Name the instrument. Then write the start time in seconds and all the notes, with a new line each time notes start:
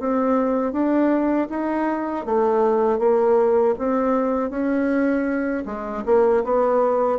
bassoon
0.00 C4
0.72 D4
1.50 D#4
2.26 A3
2.99 A#3
3.79 C4
4.51 C#4
5.66 G#3
6.06 A#3
6.45 B3